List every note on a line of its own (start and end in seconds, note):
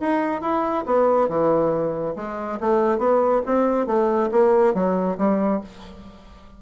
0.00 0.41 D#4
0.41 0.84 E4
0.86 1.29 B3
1.29 2.15 E3
2.16 2.59 G#3
2.60 2.98 A3
2.98 3.41 B3
3.46 3.87 C4
3.87 4.30 A3
4.31 4.74 A#3
4.74 5.17 F#3
5.18 5.61 G3